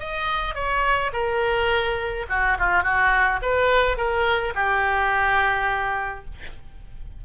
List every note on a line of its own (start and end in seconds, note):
0.00 0.55 D#5
0.55 1.11 C#5
1.13 2.26 A#4
2.29 2.58 F#4
2.59 2.84 F4
2.84 3.40 F#4
3.42 3.97 B4
3.97 4.54 A#4
4.55 6.25 G4